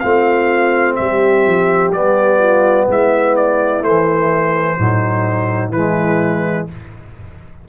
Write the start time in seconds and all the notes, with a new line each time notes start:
0.00 A3 C4 F4 F5
0.96 G3 G4 E5
1.47 F3
1.93 G3 B3 D5
2.39 F4
2.88 G#3 E4 E5
3.36 D5
3.82 E3 A3 C5
4.78 A2 F#3 D#4
5.69 E3 G#3 E4 B4